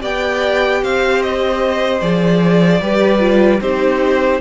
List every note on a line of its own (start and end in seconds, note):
0.00 0.83 B3
0.00 2.00 G4
0.00 0.82 D5
0.00 0.84 G5
0.83 2.02 C4
0.83 2.82 C5
0.83 1.22 F5
1.22 2.01 D#5
2.01 2.81 F3
2.01 2.81 G#4
2.01 3.61 D5
2.81 3.61 G3
2.81 3.20 G4
2.81 3.61 B4
3.20 3.60 F4
3.61 4.40 C4
3.61 4.40 D#4
3.61 4.40 G4
3.61 4.40 C5